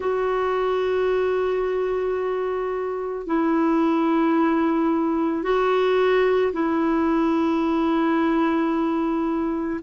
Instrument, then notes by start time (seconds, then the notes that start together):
clarinet
0.00 F#4
3.26 E4
5.42 F#4
6.53 E4